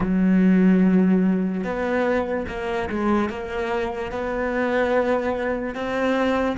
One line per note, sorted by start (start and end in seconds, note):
0.00 1.64 F#3
1.64 2.46 B3
2.48 2.89 A#3
2.90 3.29 G#3
3.29 4.11 A#3
4.11 5.74 B3
5.74 6.56 C4